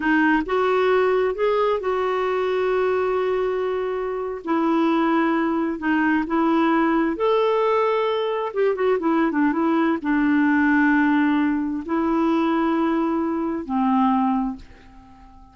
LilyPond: \new Staff \with { instrumentName = "clarinet" } { \time 4/4 \tempo 4 = 132 dis'4 fis'2 gis'4 | fis'1~ | fis'4.~ fis'16 e'2~ e'16~ | e'8. dis'4 e'2 a'16~ |
a'2~ a'8. g'8 fis'8 e'16~ | e'8 d'8 e'4 d'2~ | d'2 e'2~ | e'2 c'2 | }